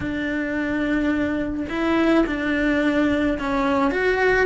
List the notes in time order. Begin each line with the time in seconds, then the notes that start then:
0.00 D4
1.68 E4
2.26 D4
3.38 C#4
3.91 F#4